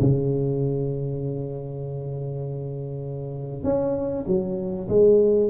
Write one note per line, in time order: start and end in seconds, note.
0.00 3.63 C#3
3.63 4.24 C#4
4.27 4.88 F#3
4.88 5.50 G#3